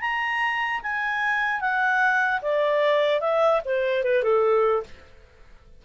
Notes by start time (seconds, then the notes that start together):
0.00 A#5
0.82 G#5
1.60 F#5
2.41 D5
3.20 E5
3.64 C5
4.03 B4
4.22 A4